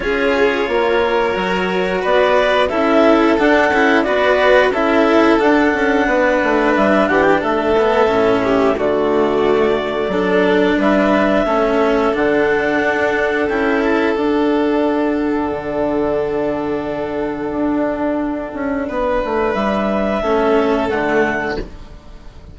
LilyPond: <<
  \new Staff \with { instrumentName = "clarinet" } { \time 4/4 \tempo 4 = 89 cis''2. d''4 | e''4 fis''4 d''4 e''4 | fis''2 e''8 fis''16 g''16 e''4~ | e''4 d''2. |
e''2 fis''2 | g''8 a''8 fis''2.~ | fis''1~ | fis''4 e''2 fis''4 | }
  \new Staff \with { instrumentName = "violin" } { \time 4/4 gis'4 ais'2 b'4 | a'2 b'4 a'4~ | a'4 b'4. g'8 a'4~ | a'8 g'8 fis'2 a'4 |
b'4 a'2.~ | a'1~ | a'1 | b'2 a'2 | }
  \new Staff \with { instrumentName = "cello" } { \time 4/4 f'2 fis'2 | e'4 d'8 e'8 fis'4 e'4 | d'2.~ d'8 b8 | cis'4 a2 d'4~ |
d'4 cis'4 d'2 | e'4 d'2.~ | d'1~ | d'2 cis'4 a4 | }
  \new Staff \with { instrumentName = "bassoon" } { \time 4/4 cis'4 ais4 fis4 b4 | cis'4 d'8 cis'8 b4 cis'4 | d'8 cis'8 b8 a8 g8 e8 a4 | a,4 d2 fis4 |
g4 a4 d4 d'4 | cis'4 d'2 d4~ | d2 d'4. cis'8 | b8 a8 g4 a4 d4 | }
>>